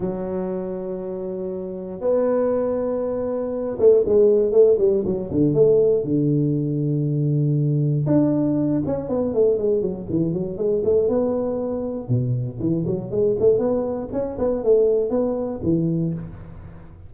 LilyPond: \new Staff \with { instrumentName = "tuba" } { \time 4/4 \tempo 4 = 119 fis1 | b2.~ b8 a8 | gis4 a8 g8 fis8 d8 a4 | d1 |
d'4. cis'8 b8 a8 gis8 fis8 | e8 fis8 gis8 a8 b2 | b,4 e8 fis8 gis8 a8 b4 | cis'8 b8 a4 b4 e4 | }